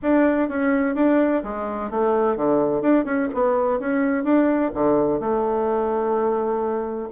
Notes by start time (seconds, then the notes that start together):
0.02 D4
0.49 C#4
0.95 D4
1.43 G#3
1.90 A3
2.36 D3
2.81 D4
3.05 C#4
3.33 B3
3.79 C#4
4.24 D4
4.74 D3
5.20 A3